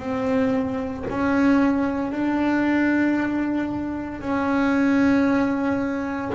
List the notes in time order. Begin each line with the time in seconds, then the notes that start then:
0.00 C4
1.10 C#4
2.12 D4
4.22 C#4